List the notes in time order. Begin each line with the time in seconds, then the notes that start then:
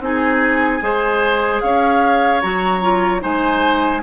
0.00 C4 D#4 G#4 G#5
0.81 G#3 G#4 C5
1.61 C#4 C#5 F5
2.42 F#3 F#4 A#5
2.82 F4
3.20 G#3 D#4 C5 G#5